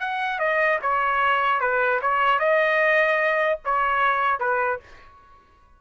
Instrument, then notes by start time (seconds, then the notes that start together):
trumpet
0.00 F#5
0.39 D#5
0.82 C#5
1.60 B4
2.01 C#5
2.39 D#5
3.65 C#5
4.40 B4